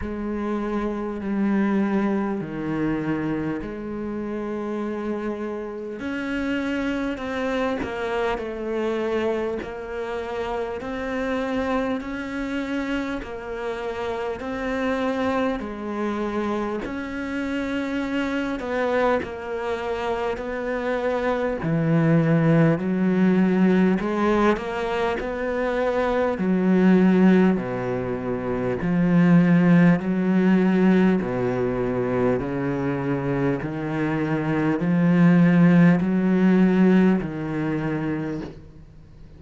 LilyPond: \new Staff \with { instrumentName = "cello" } { \time 4/4 \tempo 4 = 50 gis4 g4 dis4 gis4~ | gis4 cis'4 c'8 ais8 a4 | ais4 c'4 cis'4 ais4 | c'4 gis4 cis'4. b8 |
ais4 b4 e4 fis4 | gis8 ais8 b4 fis4 b,4 | f4 fis4 b,4 cis4 | dis4 f4 fis4 dis4 | }